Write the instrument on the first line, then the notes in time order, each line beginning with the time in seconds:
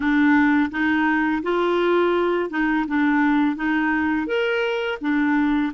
clarinet
0.00 D4
0.70 D#4
1.43 F4
2.49 D#4
2.87 D4
3.56 D#4
4.27 A#4
5.01 D4